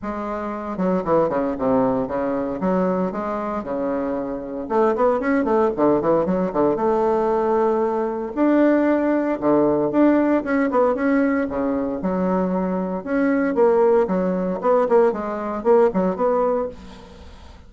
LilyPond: \new Staff \with { instrumentName = "bassoon" } { \time 4/4 \tempo 4 = 115 gis4. fis8 e8 cis8 c4 | cis4 fis4 gis4 cis4~ | cis4 a8 b8 cis'8 a8 d8 e8 | fis8 d8 a2. |
d'2 d4 d'4 | cis'8 b8 cis'4 cis4 fis4~ | fis4 cis'4 ais4 fis4 | b8 ais8 gis4 ais8 fis8 b4 | }